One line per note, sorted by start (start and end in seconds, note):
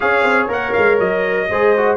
0.00 0.24 C#4
0.00 0.48 G#4
0.00 1.50 C#5
0.00 0.47 F5
0.24 0.48 C4
0.48 0.72 A#3
0.48 1.48 A#4
0.48 0.72 F#5
0.72 0.99 G#3
0.72 0.97 F5
0.99 1.49 F#3
0.99 1.97 D#5
1.49 1.97 G#3
1.49 1.76 G#4
1.49 1.97 C5
1.76 1.97 F#4